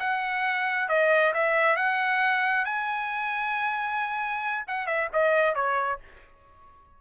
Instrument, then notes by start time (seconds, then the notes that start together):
trumpet
0.00 F#5
0.89 D#5
1.34 E5
1.76 F#5
2.65 G#5
4.68 F#5
4.87 E5
5.13 D#5
5.55 C#5